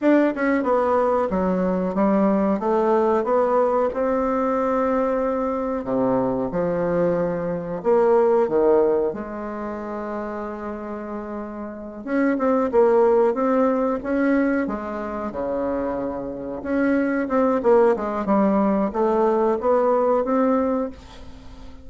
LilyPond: \new Staff \with { instrumentName = "bassoon" } { \time 4/4 \tempo 4 = 92 d'8 cis'8 b4 fis4 g4 | a4 b4 c'2~ | c'4 c4 f2 | ais4 dis4 gis2~ |
gis2~ gis8 cis'8 c'8 ais8~ | ais8 c'4 cis'4 gis4 cis8~ | cis4. cis'4 c'8 ais8 gis8 | g4 a4 b4 c'4 | }